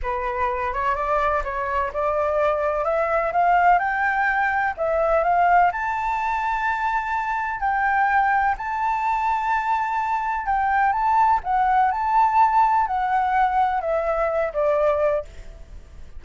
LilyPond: \new Staff \with { instrumentName = "flute" } { \time 4/4 \tempo 4 = 126 b'4. cis''8 d''4 cis''4 | d''2 e''4 f''4 | g''2 e''4 f''4 | a''1 |
g''2 a''2~ | a''2 g''4 a''4 | fis''4 a''2 fis''4~ | fis''4 e''4. d''4. | }